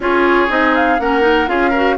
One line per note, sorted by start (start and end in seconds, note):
0.00 0.48 C#4
0.00 0.48 F4
0.00 1.01 G#4
0.00 0.50 C#5
0.48 0.98 C4
0.48 0.98 D#4
0.48 0.75 D#5
0.75 0.99 F5
0.99 1.48 A#3
0.99 1.21 C#4
0.99 1.49 A#4
0.99 1.48 F#5
1.21 1.45 D#4
1.46 1.97 C#4
1.46 1.71 F4
1.46 1.70 G#4
1.46 1.97 F5
1.70 1.97 F#4
1.70 1.95 A#4